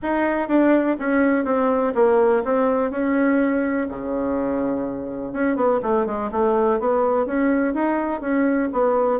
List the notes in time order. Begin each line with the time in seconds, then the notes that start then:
0.02 D#4
0.48 D4
0.99 C#4
1.45 C4
1.94 A#3
2.44 C4
2.90 C#4
3.88 C#3
5.32 C#4
5.55 B3
5.82 A3
6.06 G#3
6.31 A3
6.79 B3
7.26 C#4
7.74 D#4
8.21 C#4
8.72 B3